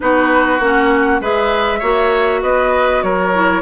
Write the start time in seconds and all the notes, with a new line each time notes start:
0.00 B3 D#4 F#4 B4
0.59 A#3 C#4 F#5
1.20 G#3 G#4 B4 E5
1.79 A#3 F#4 C#5
2.42 B3 B4 D#5
3.02 F#3 A#4 C#5
3.33 E4